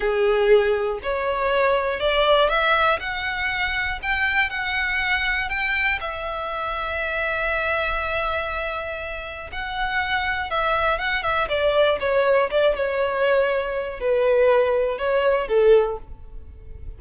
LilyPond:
\new Staff \with { instrumentName = "violin" } { \time 4/4 \tempo 4 = 120 gis'2 cis''2 | d''4 e''4 fis''2 | g''4 fis''2 g''4 | e''1~ |
e''2. fis''4~ | fis''4 e''4 fis''8 e''8 d''4 | cis''4 d''8 cis''2~ cis''8 | b'2 cis''4 a'4 | }